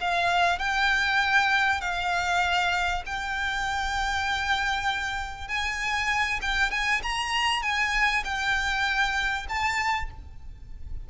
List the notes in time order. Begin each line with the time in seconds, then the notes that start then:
0.00 F5
0.58 G5
1.80 F5
3.06 G5
5.48 G#5
6.41 G5
6.70 G#5
7.02 A#5
7.62 G#5
8.24 G5
9.48 A5